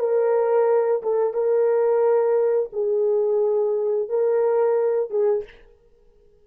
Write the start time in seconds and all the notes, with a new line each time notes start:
0.00 A#4
1.03 A4
1.34 A#4
2.73 G#4
4.09 A#4
5.11 G#4